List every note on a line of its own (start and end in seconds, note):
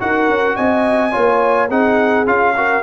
0.00 0.29 D#4
0.00 1.12 F#4
0.00 0.56 A#4
0.00 0.56 F#5
0.29 0.58 C#4
0.56 1.16 C4
0.56 1.12 D#5
0.56 1.70 G#5
1.12 1.70 A#3
1.12 1.69 F4
1.12 1.68 C#5
1.68 2.27 C4
1.68 2.27 D#4
1.68 2.53 G#4
1.68 2.27 F#5
2.27 2.83 C#4
2.27 2.55 F4
2.27 2.83 F5
2.56 2.83 F#4
2.56 2.83 A#4